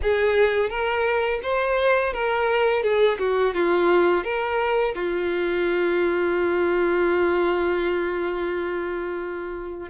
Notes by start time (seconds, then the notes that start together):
0.02 G#4
0.69 A#4
1.42 C5
2.13 A#4
2.82 G#4
3.19 F#4
3.54 F4
4.24 A#4
4.94 F4